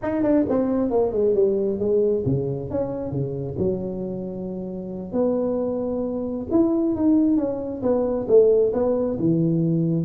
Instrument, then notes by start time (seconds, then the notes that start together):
tuba
0.02 D#4
0.23 D4
0.49 C4
0.90 A#3
1.12 G#3
1.34 G3
1.79 G#3
2.25 C#3
2.70 C#4
3.11 C#3
3.58 F#3
5.12 B3
6.50 E4
6.95 D#4
7.37 C#4
7.82 B3
8.28 A3
8.73 B3
9.19 E3